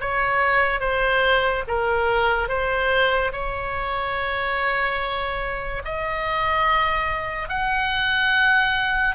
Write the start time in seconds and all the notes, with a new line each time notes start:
0.00 C#5
0.80 C5
1.68 A#4
2.48 C5
3.32 C#5
5.84 D#5
7.49 F#5